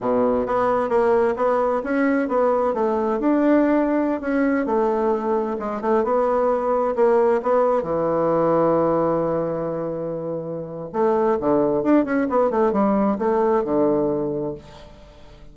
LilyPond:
\new Staff \with { instrumentName = "bassoon" } { \time 4/4 \tempo 4 = 132 b,4 b4 ais4 b4 | cis'4 b4 a4 d'4~ | d'4~ d'16 cis'4 a4.~ a16~ | a16 gis8 a8 b2 ais8.~ |
ais16 b4 e2~ e8.~ | e1 | a4 d4 d'8 cis'8 b8 a8 | g4 a4 d2 | }